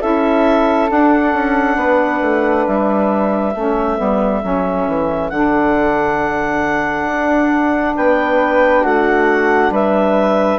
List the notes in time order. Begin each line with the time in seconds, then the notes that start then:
0.00 C#4 E4 A4 E5
0.88 D4 F#5
1.33 C#4
1.76 B3 B4
2.21 A3
2.66 G3 E5
3.54 A3 C#4 A4
3.97 G3 B3
4.42 F#3 C#4
4.87 E3
5.29 D3 D4 F#5
7.06 D4
7.96 B3 B4 G5
8.81 A3 F#4 F#5
9.70 G3 B4 E5